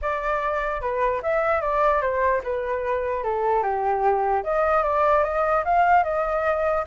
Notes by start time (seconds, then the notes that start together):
0.01 D5
0.81 B4
1.22 E5
1.61 D5
2.01 C5
2.43 B4
3.23 A4
3.62 G4
4.43 D#5
4.83 D5
5.23 D#5
5.65 F5
6.03 D#5